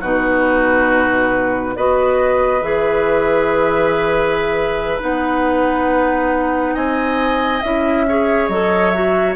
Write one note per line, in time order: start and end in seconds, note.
0.00 1.76 B2
0.00 1.76 D#4
0.00 1.74 F#4
0.00 1.76 B4
1.76 2.61 B3
1.76 2.62 F#4
1.76 6.74 B4
1.76 2.62 D#5
2.61 5.01 E3
2.61 4.99 G#4
2.61 5.02 E5
4.99 6.75 B3
4.99 7.60 D#4
4.99 6.75 F#5
6.74 7.62 C4
6.74 8.05 D#5
6.74 7.61 G#5
7.61 8.49 C#4
7.61 8.07 E4
7.61 8.48 E5
8.08 8.51 G#4
8.08 9.36 C#5
8.48 9.36 F#3
8.48 8.94 A4
8.48 8.90 D#5
8.90 9.36 F#4
8.90 9.33 E5